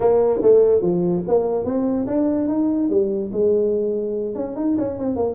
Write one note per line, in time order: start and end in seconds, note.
0.00 0.40 A#3
0.42 0.81 A3
0.81 1.23 F3
1.27 1.65 A#3
1.65 2.06 C4
2.07 2.48 D4
2.48 2.89 D#4
2.89 3.30 G3
3.32 4.35 G#3
4.35 4.56 C#4
4.56 4.76 D#4
4.78 4.98 C#4
4.98 5.16 C4
5.16 5.35 A#3